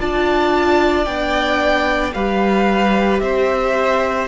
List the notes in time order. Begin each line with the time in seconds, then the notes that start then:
0.00 D4 F4 D5 A5
1.05 B3 D4 G5
2.14 G3 G4 B4 F5
3.20 C4 C5 E5